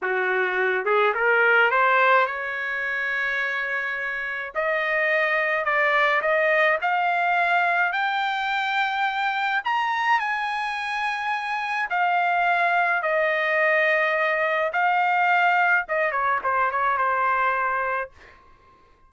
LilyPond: \new Staff \with { instrumentName = "trumpet" } { \time 4/4 \tempo 4 = 106 fis'4. gis'8 ais'4 c''4 | cis''1 | dis''2 d''4 dis''4 | f''2 g''2~ |
g''4 ais''4 gis''2~ | gis''4 f''2 dis''4~ | dis''2 f''2 | dis''8 cis''8 c''8 cis''8 c''2 | }